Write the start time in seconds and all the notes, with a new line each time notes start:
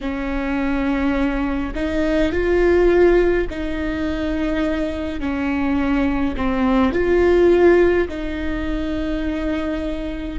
0.01 C#4
1.74 D#4
2.31 F4
3.50 D#4
5.19 C#4
6.36 C4
6.92 F4
8.08 D#4